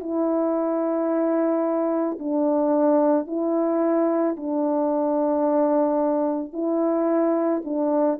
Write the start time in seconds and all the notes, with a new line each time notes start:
0.00 E4
2.19 D4
3.27 E4
4.36 D4
6.53 E4
7.64 D4